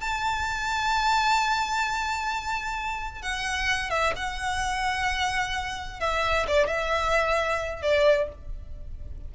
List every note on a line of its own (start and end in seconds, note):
0.00 3.22 A5
3.22 3.90 F#5
3.90 4.13 E5
4.16 6.00 F#5
6.00 6.46 E5
6.47 6.67 D5
6.67 7.82 E5
7.82 8.28 D5